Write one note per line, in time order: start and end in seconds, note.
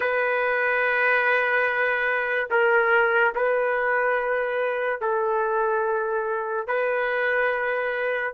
0.00 2.48 B4
2.50 3.33 A#4
3.35 5.00 B4
5.00 6.67 A4
6.67 8.33 B4